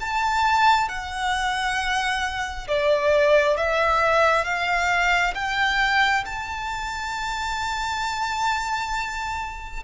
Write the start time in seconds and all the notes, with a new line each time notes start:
0.00 A5
0.88 F#5
2.68 D5
3.57 E5
4.45 F5
5.35 G5
6.25 A5